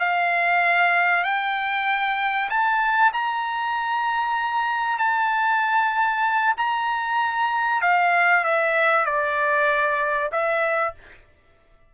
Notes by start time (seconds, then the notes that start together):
0.00 F5
1.24 G5
2.50 A5
3.13 A#5
4.99 A5
6.57 A#5
7.82 F5
8.45 E5
9.06 D5
10.32 E5